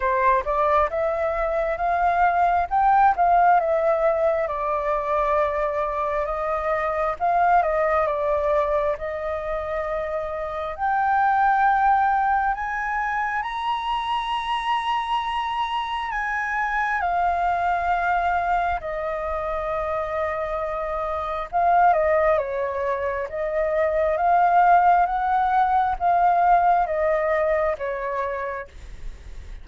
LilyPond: \new Staff \with { instrumentName = "flute" } { \time 4/4 \tempo 4 = 67 c''8 d''8 e''4 f''4 g''8 f''8 | e''4 d''2 dis''4 | f''8 dis''8 d''4 dis''2 | g''2 gis''4 ais''4~ |
ais''2 gis''4 f''4~ | f''4 dis''2. | f''8 dis''8 cis''4 dis''4 f''4 | fis''4 f''4 dis''4 cis''4 | }